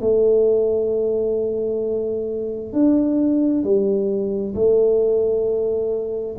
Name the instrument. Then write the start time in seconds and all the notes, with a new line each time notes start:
tuba
0.00 A3
2.72 D4
3.63 G3
4.55 A3